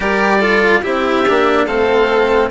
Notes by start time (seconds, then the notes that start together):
0.00 G3 G4 A#4 D5
0.39 F4 A4
0.81 C4 E4 G4 E5
1.28 A#3 D4
1.65 A3 C4 A4 F5